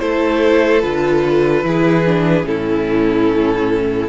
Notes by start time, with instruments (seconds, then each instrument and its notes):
0.00 cello A3, viola E4, violin A4 C5
0.82 cello D3, viola F4, violin B4
1.64 cello E3, viola E4, violin G#4
2.06 viola D4
2.44 cello A2, viola C#4, violin E4 A4